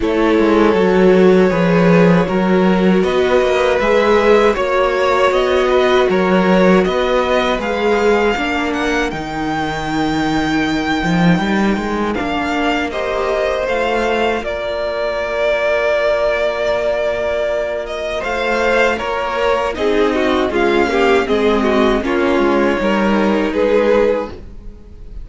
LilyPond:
<<
  \new Staff \with { instrumentName = "violin" } { \time 4/4 \tempo 4 = 79 cis''1 | dis''4 e''4 cis''4 dis''4 | cis''4 dis''4 f''4. fis''8 | g''1 |
f''4 dis''4 f''4 d''4~ | d''2.~ d''8 dis''8 | f''4 cis''4 dis''4 f''4 | dis''4 cis''2 b'4 | }
  \new Staff \with { instrumentName = "violin" } { \time 4/4 a'2 b'4 ais'4 | b'2 cis''4. b'8 | ais'4 b'2 ais'4~ | ais'1~ |
ais'4 c''2 ais'4~ | ais'1 | c''4 ais'4 gis'8 fis'8 f'8 g'8 | gis'8 fis'8 f'4 ais'4 gis'4 | }
  \new Staff \with { instrumentName = "viola" } { \time 4/4 e'4 fis'4 gis'4 fis'4~ | fis'4 gis'4 fis'2~ | fis'2 gis'4 d'4 | dis'1 |
d'4 g'4 f'2~ | f'1~ | f'2 dis'4 gis8 ais8 | c'4 cis'4 dis'2 | }
  \new Staff \with { instrumentName = "cello" } { \time 4/4 a8 gis8 fis4 f4 fis4 | b8 ais8 gis4 ais4 b4 | fis4 b4 gis4 ais4 | dis2~ dis8 f8 g8 gis8 |
ais2 a4 ais4~ | ais1 | a4 ais4 c'4 cis'4 | gis4 ais8 gis8 g4 gis4 | }
>>